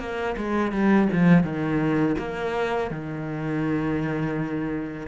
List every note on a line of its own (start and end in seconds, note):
0.00 0.36 A#3
0.37 0.72 G#3
0.72 1.08 G3
1.13 1.44 F3
1.44 2.16 D#3
2.19 2.91 A#3
2.91 5.08 D#3